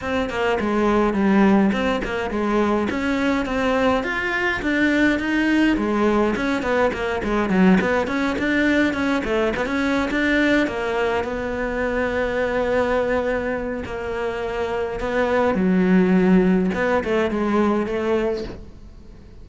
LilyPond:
\new Staff \with { instrumentName = "cello" } { \time 4/4 \tempo 4 = 104 c'8 ais8 gis4 g4 c'8 ais8 | gis4 cis'4 c'4 f'4 | d'4 dis'4 gis4 cis'8 b8 | ais8 gis8 fis8 b8 cis'8 d'4 cis'8 |
a8 b16 cis'8. d'4 ais4 b8~ | b1 | ais2 b4 fis4~ | fis4 b8 a8 gis4 a4 | }